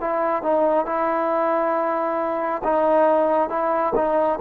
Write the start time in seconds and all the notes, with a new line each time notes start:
0.00 E4
0.43 D#4
0.85 E4
2.64 D#4
3.49 E4
3.95 D#4